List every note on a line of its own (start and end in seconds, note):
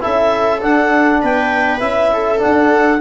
0.00 0.64 C#4
0.00 0.60 E4
0.00 1.22 A4
0.00 0.62 E5
0.61 1.80 D4
0.61 1.23 D4
0.61 1.22 F#5
1.22 1.81 B3
1.22 2.12 B4
1.22 1.79 G5
1.79 2.41 C#4
1.79 2.38 E4
1.79 2.39 E5
2.12 3.01 A4
2.38 2.98 D4
2.38 3.01 F#5
2.45 3.01 D4